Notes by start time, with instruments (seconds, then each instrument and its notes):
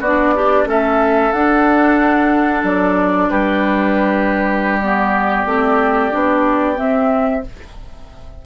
0.00 bassoon B3, oboe F#4, flute D5
0.07 clarinet D4
0.36 oboe D4, clarinet G4
0.65 bassoon A3, clarinet C#4, oboe A4, flute E5
1.32 bassoon D4, clarinet D4, flute F#5
2.64 bassoon F#3, flute D5
3.30 bassoon G3, oboe G4, flute B4
4.80 clarinet B3, flute D5
5.46 bassoon A3, clarinet C4
6.11 bassoon B3, clarinet D4
6.76 clarinet C4, bassoon C4, flute E5